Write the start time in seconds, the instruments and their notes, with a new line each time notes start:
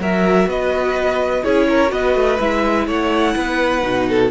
0.00 cello F#3, viola F#4, violin A#4 E5
0.47 cello B3, violin B4 D#5
1.43 cello C#4, viola E4, violin G#4 C#5
1.69 violin A#4
1.88 cello B3, viola F#4, violin B4 D#5
2.15 cello A3
2.40 cello G#3, viola E4, violin E5
2.87 cello A3, violin C#5 F#5
3.36 cello B3, violin B4
3.82 cello B2, viola D#4
4.09 violin A4